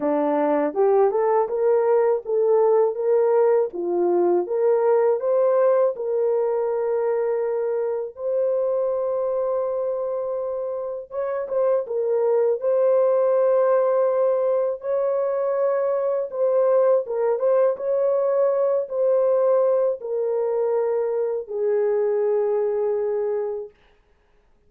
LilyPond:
\new Staff \with { instrumentName = "horn" } { \time 4/4 \tempo 4 = 81 d'4 g'8 a'8 ais'4 a'4 | ais'4 f'4 ais'4 c''4 | ais'2. c''4~ | c''2. cis''8 c''8 |
ais'4 c''2. | cis''2 c''4 ais'8 c''8 | cis''4. c''4. ais'4~ | ais'4 gis'2. | }